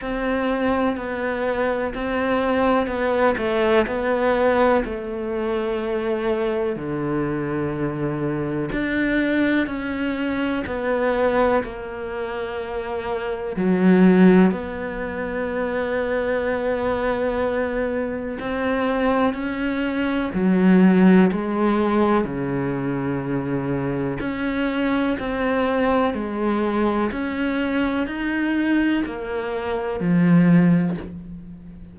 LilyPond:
\new Staff \with { instrumentName = "cello" } { \time 4/4 \tempo 4 = 62 c'4 b4 c'4 b8 a8 | b4 a2 d4~ | d4 d'4 cis'4 b4 | ais2 fis4 b4~ |
b2. c'4 | cis'4 fis4 gis4 cis4~ | cis4 cis'4 c'4 gis4 | cis'4 dis'4 ais4 f4 | }